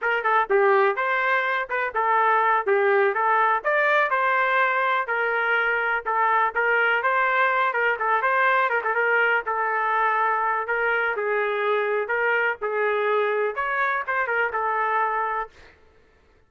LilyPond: \new Staff \with { instrumentName = "trumpet" } { \time 4/4 \tempo 4 = 124 ais'8 a'8 g'4 c''4. b'8 | a'4. g'4 a'4 d''8~ | d''8 c''2 ais'4.~ | ais'8 a'4 ais'4 c''4. |
ais'8 a'8 c''4 ais'16 a'16 ais'4 a'8~ | a'2 ais'4 gis'4~ | gis'4 ais'4 gis'2 | cis''4 c''8 ais'8 a'2 | }